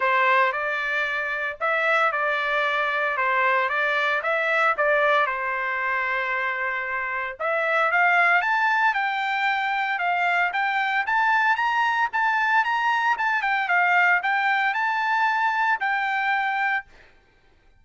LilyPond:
\new Staff \with { instrumentName = "trumpet" } { \time 4/4 \tempo 4 = 114 c''4 d''2 e''4 | d''2 c''4 d''4 | e''4 d''4 c''2~ | c''2 e''4 f''4 |
a''4 g''2 f''4 | g''4 a''4 ais''4 a''4 | ais''4 a''8 g''8 f''4 g''4 | a''2 g''2 | }